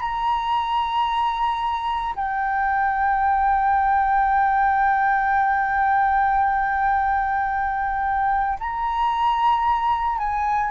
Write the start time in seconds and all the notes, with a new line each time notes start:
0.00 A#5
2.15 G5
8.60 A#5
10.18 G#5